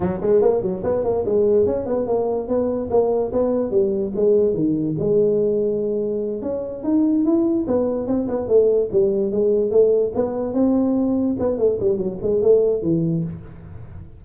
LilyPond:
\new Staff \with { instrumentName = "tuba" } { \time 4/4 \tempo 4 = 145 fis8 gis8 ais8 fis8 b8 ais8 gis4 | cis'8 b8 ais4 b4 ais4 | b4 g4 gis4 dis4 | gis2.~ gis8 cis'8~ |
cis'8 dis'4 e'4 b4 c'8 | b8 a4 g4 gis4 a8~ | a8 b4 c'2 b8 | a8 g8 fis8 gis8 a4 e4 | }